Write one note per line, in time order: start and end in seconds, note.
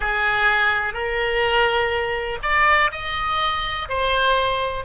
0.00 0.93 G#4
0.93 2.38 A#4
2.42 2.90 D5
2.91 3.88 D#5
3.88 4.84 C5